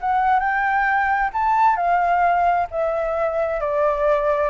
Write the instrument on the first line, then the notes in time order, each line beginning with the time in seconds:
flute
0.00 F#5
0.39 G5
1.33 A5
1.76 F5
2.71 E5
3.60 D5